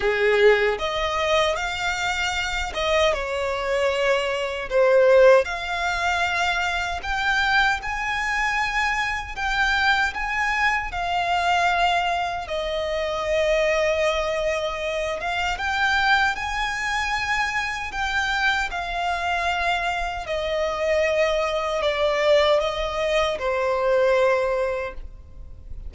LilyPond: \new Staff \with { instrumentName = "violin" } { \time 4/4 \tempo 4 = 77 gis'4 dis''4 f''4. dis''8 | cis''2 c''4 f''4~ | f''4 g''4 gis''2 | g''4 gis''4 f''2 |
dis''2.~ dis''8 f''8 | g''4 gis''2 g''4 | f''2 dis''2 | d''4 dis''4 c''2 | }